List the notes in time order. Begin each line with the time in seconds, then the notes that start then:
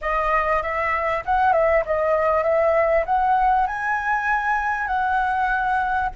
0.01 D#5
0.62 E5
1.25 F#5
1.53 E5
1.85 D#5
2.43 E5
3.05 F#5
3.67 G#5
4.87 F#5